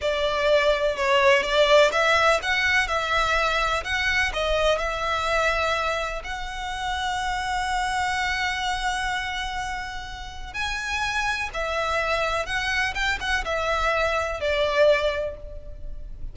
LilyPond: \new Staff \with { instrumentName = "violin" } { \time 4/4 \tempo 4 = 125 d''2 cis''4 d''4 | e''4 fis''4 e''2 | fis''4 dis''4 e''2~ | e''4 fis''2.~ |
fis''1~ | fis''2 gis''2 | e''2 fis''4 g''8 fis''8 | e''2 d''2 | }